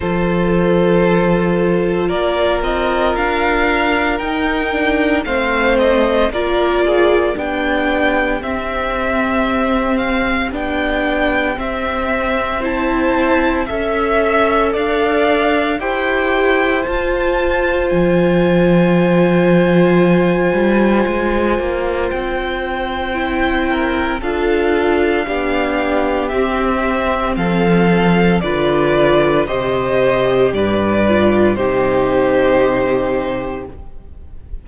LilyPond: <<
  \new Staff \with { instrumentName = "violin" } { \time 4/4 \tempo 4 = 57 c''2 d''8 dis''8 f''4 | g''4 f''8 dis''8 d''4 g''4 | e''4. f''8 g''4 e''4 | a''4 e''4 f''4 g''4 |
a''4 gis''2.~ | gis''4 g''2 f''4~ | f''4 e''4 f''4 d''4 | dis''4 d''4 c''2 | }
  \new Staff \with { instrumentName = "violin" } { \time 4/4 a'2 ais'2~ | ais'4 c''4 ais'8 gis'8 g'4~ | g'1 | c''4 e''4 d''4 c''4~ |
c''1~ | c''2~ c''8 ais'8 a'4 | g'2 a'4 b'4 | c''4 b'4 g'2 | }
  \new Staff \with { instrumentName = "viola" } { \time 4/4 f'1 | dis'8 d'8 c'4 f'4 d'4 | c'2 d'4 c'4 | e'4 a'2 g'4 |
f'1~ | f'2 e'4 f'4 | d'4 c'2 f'4 | g'4. f'8 dis'2 | }
  \new Staff \with { instrumentName = "cello" } { \time 4/4 f2 ais8 c'8 d'4 | dis'4 a4 ais4 b4 | c'2 b4 c'4~ | c'4 cis'4 d'4 e'4 |
f'4 f2~ f8 g8 | gis8 ais8 c'2 d'4 | b4 c'4 f4 d4 | c4 g,4 c2 | }
>>